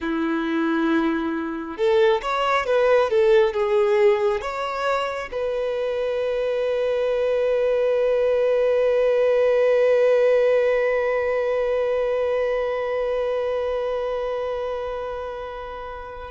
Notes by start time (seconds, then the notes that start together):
0.00 E4
1.77 A4
2.21 C#5
2.66 B4
3.10 A4
3.53 G#4
4.41 C#5
5.31 B4